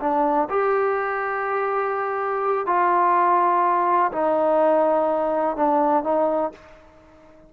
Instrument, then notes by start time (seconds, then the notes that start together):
trombone
0.00 D4
0.49 G4
2.66 F4
4.12 D#4
5.56 D4
6.03 D#4